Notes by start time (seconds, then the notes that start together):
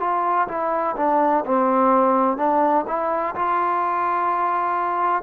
0.00 F4
0.48 E4
0.97 D4
1.45 C4
2.37 D4
2.87 E4
3.35 F4